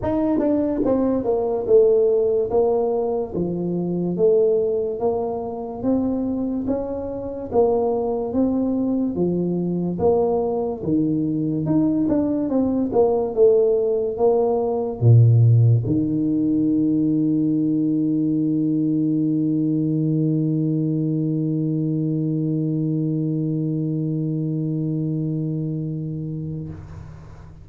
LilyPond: \new Staff \with { instrumentName = "tuba" } { \time 4/4 \tempo 4 = 72 dis'8 d'8 c'8 ais8 a4 ais4 | f4 a4 ais4 c'4 | cis'4 ais4 c'4 f4 | ais4 dis4 dis'8 d'8 c'8 ais8 |
a4 ais4 ais,4 dis4~ | dis1~ | dis1~ | dis1 | }